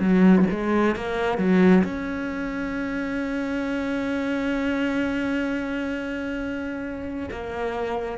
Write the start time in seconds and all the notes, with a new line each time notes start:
0.00 F#3
0.51 G#3
0.96 A#3
1.38 F#3
1.84 C#4
7.31 A#3